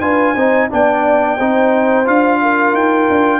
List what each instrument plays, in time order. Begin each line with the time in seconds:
0.00 tuba D4, trombone F4, horn B4, trumpet G#5
0.33 tuba C4, trombone D#4, horn C5
0.70 tuba B3, trombone D4, horn D5, trumpet G5
1.37 tuba C4, trombone D#4, horn C5
2.05 tuba D4, trombone F4, trumpet F5
2.42 horn A#4
2.73 tuba D#4, trumpet G5
3.09 tuba D4